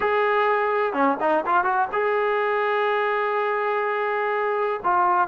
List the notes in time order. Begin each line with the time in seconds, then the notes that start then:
0.00 G#4
0.93 C#4
1.20 D#4
1.46 F4
1.64 F#4
1.92 G#4
4.83 F4